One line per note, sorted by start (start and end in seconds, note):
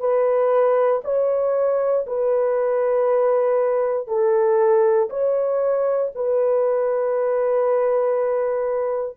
0.00 1.02 B4
1.04 2.06 C#5
2.07 4.07 B4
4.07 5.09 A4
5.10 6.12 C#5
6.15 9.17 B4